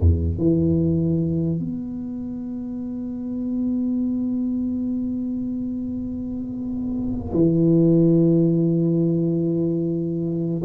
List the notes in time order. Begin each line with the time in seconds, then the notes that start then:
0.00 E2
0.38 E3
1.59 B3
7.33 E3